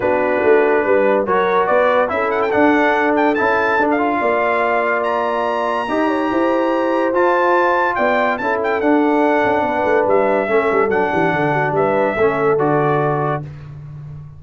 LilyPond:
<<
  \new Staff \with { instrumentName = "trumpet" } { \time 4/4 \tempo 4 = 143 b'2. cis''4 | d''4 e''8 fis''16 g''16 fis''4. g''8 | a''4~ a''16 f''2~ f''8. | ais''1~ |
ais''4 a''2 g''4 | a''8 g''8 fis''2. | e''2 fis''2 | e''2 d''2 | }
  \new Staff \with { instrumentName = "horn" } { \time 4/4 fis'2 b'4 ais'4 | b'4 a'2.~ | a'2 d''2~ | d''2 dis''8 cis''8 c''4~ |
c''2. d''4 | a'2. b'4~ | b'4 a'4. g'8 a'8 fis'8 | b'4 a'2. | }
  \new Staff \with { instrumentName = "trombone" } { \time 4/4 d'2. fis'4~ | fis'4 e'4 d'2 | e'4 d'8 f'2~ f'8~ | f'2 g'2~ |
g'4 f'2. | e'4 d'2.~ | d'4 cis'4 d'2~ | d'4 cis'4 fis'2 | }
  \new Staff \with { instrumentName = "tuba" } { \time 4/4 b4 a4 g4 fis4 | b4 cis'4 d'2 | cis'4 d'4 ais2~ | ais2 dis'4 e'4~ |
e'4 f'2 b4 | cis'4 d'4. cis'8 b8 a8 | g4 a8 g8 fis8 e8 d4 | g4 a4 d2 | }
>>